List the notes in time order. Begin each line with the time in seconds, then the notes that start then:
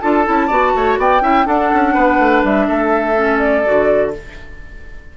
0.00 D4 F4 A4 A5
0.24 C#4 E4
0.47 B3 F#4 D5
0.74 A3 C#5
0.97 B3 D5 G5
1.20 C#4 E4 E5
1.44 D4 A4 F#5
1.73 C#4
1.93 B3 B4
2.18 A3
2.43 G3 E5
2.67 A3 A4
3.15 C#4
3.38 D5
3.64 D3 F#4